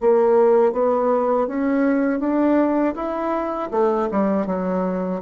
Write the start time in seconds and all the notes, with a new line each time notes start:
0.00 A#3
0.72 B3
1.47 C#4
2.19 D4
2.95 E4
3.71 A3
4.11 G3
4.46 F#3